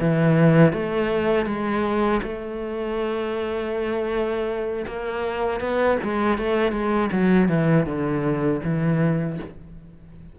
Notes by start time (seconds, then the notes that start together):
0.00 E3
0.73 A3
1.46 G#3
2.23 A3
4.87 A#3
5.60 B3
6.03 G#3
6.38 A3
6.72 G#3
7.12 F#3
7.49 E3
7.86 D3
8.64 E3